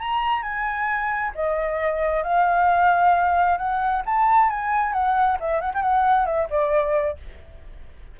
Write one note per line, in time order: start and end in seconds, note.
0.00 0.43 A#5
0.43 1.32 G#5
1.35 2.24 D#5
2.24 3.58 F5
3.58 4.03 F#5
4.06 4.50 A5
4.50 4.93 G#5
4.93 5.38 F#5
5.40 5.61 E5
5.61 5.72 F#5
5.75 5.82 G5
5.82 6.26 F#5
6.26 6.49 E5
6.50 7.18 D5